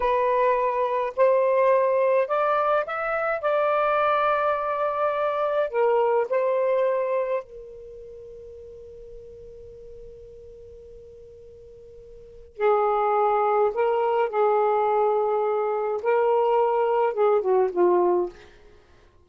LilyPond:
\new Staff \with { instrumentName = "saxophone" } { \time 4/4 \tempo 4 = 105 b'2 c''2 | d''4 e''4 d''2~ | d''2 ais'4 c''4~ | c''4 ais'2.~ |
ais'1~ | ais'2 gis'2 | ais'4 gis'2. | ais'2 gis'8 fis'8 f'4 | }